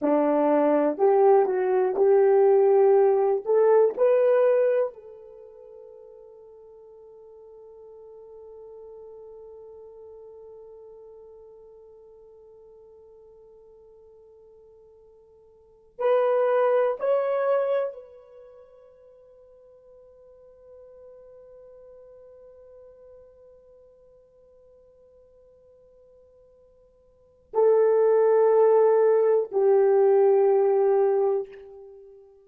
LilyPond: \new Staff \with { instrumentName = "horn" } { \time 4/4 \tempo 4 = 61 d'4 g'8 fis'8 g'4. a'8 | b'4 a'2.~ | a'1~ | a'1~ |
a'16 b'4 cis''4 b'4.~ b'16~ | b'1~ | b'1 | a'2 g'2 | }